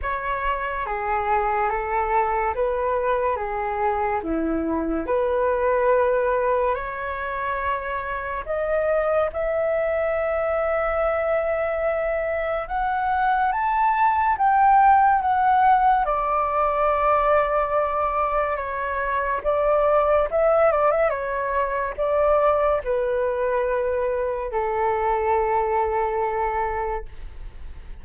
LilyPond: \new Staff \with { instrumentName = "flute" } { \time 4/4 \tempo 4 = 71 cis''4 gis'4 a'4 b'4 | gis'4 e'4 b'2 | cis''2 dis''4 e''4~ | e''2. fis''4 |
a''4 g''4 fis''4 d''4~ | d''2 cis''4 d''4 | e''8 d''16 e''16 cis''4 d''4 b'4~ | b'4 a'2. | }